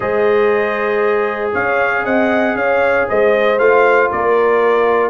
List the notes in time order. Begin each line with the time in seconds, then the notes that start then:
0.00 G#3 G#4 C5 D#5
1.53 C#4 C#5 F5
2.04 C4 D#5 F#5
2.55 C#4 C#5 F5
3.08 G#3 C5 D#5
3.58 A3 F4 F5
4.10 A#3 A#4 D5